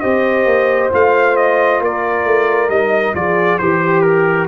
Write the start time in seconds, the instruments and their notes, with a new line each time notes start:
0.00 tuba C4, trombone G4, horn C5, trumpet D#5
0.45 tuba A#3
0.92 tuba A3, trombone F4, trumpet F5
1.36 trumpet D#5
1.81 tuba A#3, horn A#4, trumpet D5
2.24 tuba A3
2.69 tuba G3, trombone D#4, trumpet D#5
3.14 tuba F3, trombone F4, horn G#4, trumpet D5
3.58 tuba E3, trombone G4, horn G4, trumpet C5
4.01 trumpet A#4